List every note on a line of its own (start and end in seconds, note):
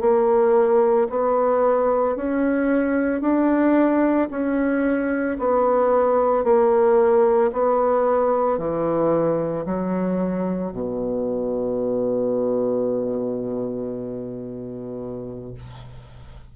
0.00 1.07 A#3
1.09 2.15 B3
2.15 3.21 C#4
3.21 4.28 D4
4.30 5.37 C#4
5.38 6.44 B3
6.44 7.51 A#3
7.52 8.58 B3
8.58 9.65 E3
9.65 10.71 F#3
10.71 15.54 B2